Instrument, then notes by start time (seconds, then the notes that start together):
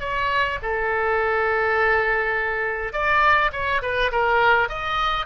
oboe
0.00 C#5
0.62 A4
2.93 D5
3.52 C#5
3.82 B4
4.11 A#4
4.69 D#5